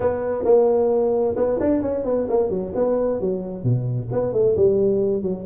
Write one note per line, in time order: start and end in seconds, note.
0.00 0.44 B3
0.44 1.35 A#3
1.36 1.59 B3
1.60 1.82 D4
1.82 2.04 C#4
2.04 2.27 B3
2.29 2.49 A#3
2.49 2.72 F#3
2.75 3.20 B3
3.20 3.63 F#3
3.63 4.08 B2
4.11 4.33 B3
4.33 4.55 A3
4.56 5.22 G3
5.22 5.45 F#3